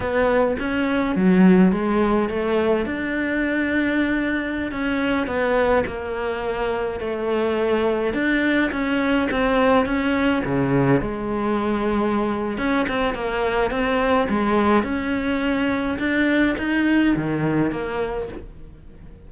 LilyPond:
\new Staff \with { instrumentName = "cello" } { \time 4/4 \tempo 4 = 105 b4 cis'4 fis4 gis4 | a4 d'2.~ | d'16 cis'4 b4 ais4.~ ais16~ | ais16 a2 d'4 cis'8.~ |
cis'16 c'4 cis'4 cis4 gis8.~ | gis2 cis'8 c'8 ais4 | c'4 gis4 cis'2 | d'4 dis'4 dis4 ais4 | }